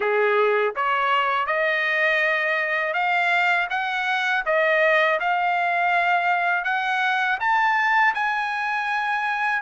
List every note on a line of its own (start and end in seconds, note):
0.00 0.74 G#4
0.75 1.46 C#5
1.46 2.93 D#5
2.93 3.67 F5
3.69 4.43 F#5
4.45 5.19 D#5
5.20 6.64 F5
6.64 7.38 F#5
7.39 8.13 A5
8.14 9.61 G#5